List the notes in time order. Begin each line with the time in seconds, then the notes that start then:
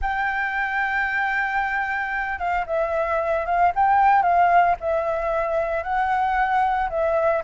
0.01 G5
2.38 F5
2.66 E5
3.45 F5
3.75 G5
4.22 F5
4.80 E5
5.83 F#5
6.89 E5